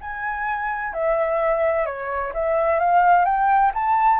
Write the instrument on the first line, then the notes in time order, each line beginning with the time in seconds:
flute
0.00 G#5
0.93 E5
1.85 C#5
2.33 E5
2.79 F5
3.25 G5
3.74 A5